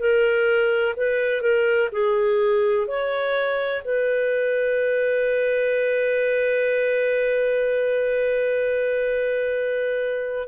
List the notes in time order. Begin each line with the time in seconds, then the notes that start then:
0.00 A#4
0.97 B4
1.42 A#4
1.92 G#4
2.87 C#5
3.85 B4